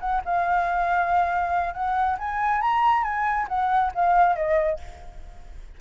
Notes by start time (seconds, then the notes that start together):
0.00 F#5
0.25 F5
1.74 F#5
2.18 G#5
2.61 A#5
3.03 G#5
3.48 F#5
3.94 F5
4.36 D#5